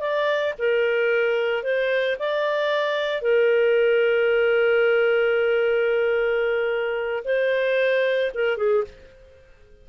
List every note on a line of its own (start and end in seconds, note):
0.00 0.54 D5
0.59 1.63 A#4
1.63 2.17 C5
2.19 3.22 D5
3.22 7.23 A#4
7.24 8.32 C5
8.34 8.57 A#4
8.57 8.84 G#4